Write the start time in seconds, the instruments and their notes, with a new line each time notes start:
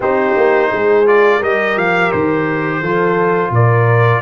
0.00 tuba C4, trombone D#4, horn G4, trumpet C5
0.36 tuba A#3
0.71 tuba G#3, horn G#4
1.06 trombone F4, trumpet D5
1.39 tuba G3, trombone G4, horn A#4, trumpet D#5
1.76 tuba F3, trumpet F5
2.11 tuba D#3, trumpet C5
2.80 tuba F3, trombone F4, horn A4
3.50 tuba A#2, horn A#4, trumpet D5